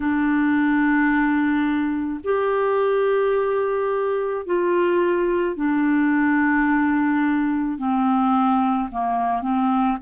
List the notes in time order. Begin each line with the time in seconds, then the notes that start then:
0.00 D4
2.24 G4
4.45 F4
5.56 D4
7.78 C4
8.91 A#3
9.41 C4